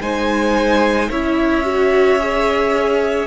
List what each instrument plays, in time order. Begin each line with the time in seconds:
0.00 cello G#3, viola D#4, violin C5 G#5
1.09 cello C#4, viola E4, violin C#5 E5
1.64 viola F#4
2.19 viola G#4